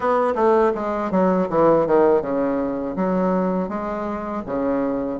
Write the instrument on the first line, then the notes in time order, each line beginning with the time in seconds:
bassoon
0.00 B3
0.35 A3
0.74 G#3
1.11 F#3
1.49 E3
1.87 D#3
2.21 C#3
2.96 F#3
3.68 G#3
4.46 C#3